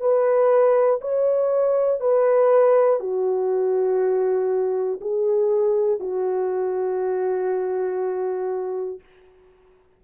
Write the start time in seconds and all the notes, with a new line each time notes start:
0.00 B4
1.01 C#5
2.00 B4
3.00 F#4
5.01 G#4
6.00 F#4